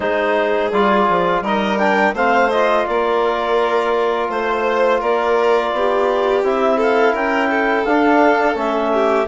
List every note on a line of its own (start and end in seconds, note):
0.00 0.71 G#3
0.00 0.72 D#4
0.00 1.43 G#4
0.00 0.71 C5
0.71 1.07 G3
0.71 1.44 F4
0.71 1.43 D5
1.08 1.41 F3
1.41 2.12 G3
1.41 1.79 D#4
1.41 2.14 A#4
1.41 1.78 D#5
1.78 2.14 D4
1.78 2.13 G5
2.13 2.84 A3
2.13 2.51 C4
2.13 2.86 C5
2.13 2.50 F5
2.50 6.43 F4
2.50 2.85 D#5
2.85 4.28 A#3
2.85 4.30 A#4
2.85 4.28 D5
4.28 5.00 A3
4.28 5.01 C5
4.28 4.99 C5
4.99 5.72 A#3
4.99 5.71 A#4
4.99 6.44 D5
5.72 6.43 B3
5.72 6.77 G4
6.43 7.13 C4
6.43 7.86 E4
6.43 6.80 E5
6.77 7.12 A4
6.77 7.15 F5
7.12 7.84 C#4
7.12 7.48 A#4
7.12 7.85 G5
7.50 8.93 A4
7.85 8.55 D4
7.85 8.54 D4
7.85 8.56 F5
8.54 9.26 A3
8.54 9.25 C#4
8.54 9.27 E5
8.93 9.27 G4